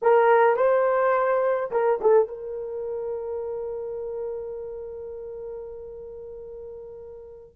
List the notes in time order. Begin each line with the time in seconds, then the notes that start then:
0.02 A#4
0.56 C5
1.71 A#4
2.01 A4
2.28 A#4